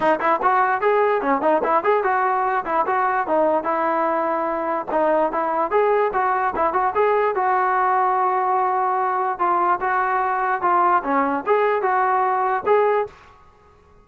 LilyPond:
\new Staff \with { instrumentName = "trombone" } { \time 4/4 \tempo 4 = 147 dis'8 e'8 fis'4 gis'4 cis'8 dis'8 | e'8 gis'8 fis'4. e'8 fis'4 | dis'4 e'2. | dis'4 e'4 gis'4 fis'4 |
e'8 fis'8 gis'4 fis'2~ | fis'2. f'4 | fis'2 f'4 cis'4 | gis'4 fis'2 gis'4 | }